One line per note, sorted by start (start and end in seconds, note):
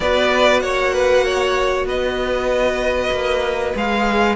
0.00 0.62 B3
0.00 3.75 F#4
0.00 0.62 B4
0.00 0.60 D5
0.60 1.85 A#3
0.60 0.93 C#5
0.60 1.85 F#5
0.93 1.24 B4
1.24 1.86 C#5
1.85 3.10 B3
1.85 4.35 B4
1.85 3.76 D#5
3.11 3.73 A#3
3.75 4.35 G#3
3.75 4.35 G#4
3.75 4.35 F5